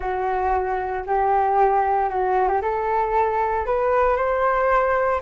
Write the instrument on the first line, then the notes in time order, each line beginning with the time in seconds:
flute
0.00 F#4
1.06 G4
2.09 F#4
2.48 G4
2.61 A4
3.65 B4
4.16 C5